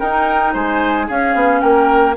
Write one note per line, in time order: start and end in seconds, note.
0.00 0.55 D#4
0.00 1.09 D#4
0.00 0.53 A#4
0.00 0.54 G5
0.53 1.09 G#3
0.53 1.07 C5
0.53 1.10 G#5
1.07 2.17 C#4
1.07 1.35 C#4
1.07 1.61 G#4
1.07 1.61 F5
1.35 1.62 B3
1.61 2.17 A#3
1.61 2.16 A#4
1.61 2.15 G5